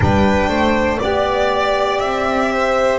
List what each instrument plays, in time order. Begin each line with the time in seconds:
0.00 double bass G3, saxophone D4, violin B4 G5
0.48 double bass A3, violin C5
0.98 double bass B3, saxophone G4, violin D5
1.98 double bass C4, violin E5
2.52 violin C5